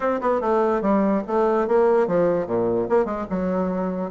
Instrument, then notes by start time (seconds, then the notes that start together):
bassoon
0.00 C4
0.21 B3
0.40 A3
0.81 G3
1.27 A3
1.67 A#3
2.07 F3
2.47 A#2
2.89 A#3
3.05 G#3
3.30 F#3